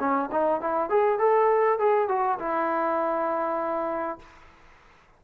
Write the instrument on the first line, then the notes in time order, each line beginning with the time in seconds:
trombone
0.00 C#4
0.32 D#4
0.61 E4
0.90 G#4
1.19 A4
1.79 G#4
2.09 F#4
2.39 E4